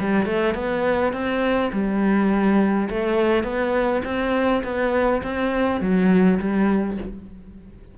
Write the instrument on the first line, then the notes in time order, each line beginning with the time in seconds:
cello
0.00 G3
0.26 A3
0.55 B3
1.13 C4
1.73 G3
2.90 A3
3.44 B3
4.05 C4
4.64 B3
5.23 C4
5.81 F#3
6.40 G3